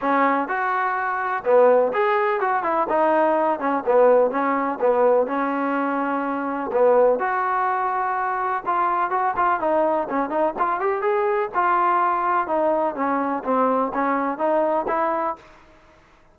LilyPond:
\new Staff \with { instrumentName = "trombone" } { \time 4/4 \tempo 4 = 125 cis'4 fis'2 b4 | gis'4 fis'8 e'8 dis'4. cis'8 | b4 cis'4 b4 cis'4~ | cis'2 b4 fis'4~ |
fis'2 f'4 fis'8 f'8 | dis'4 cis'8 dis'8 f'8 g'8 gis'4 | f'2 dis'4 cis'4 | c'4 cis'4 dis'4 e'4 | }